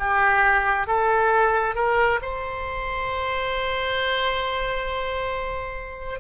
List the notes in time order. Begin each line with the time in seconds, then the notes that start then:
0.00 G4
0.88 A4
1.75 A#4
2.22 C5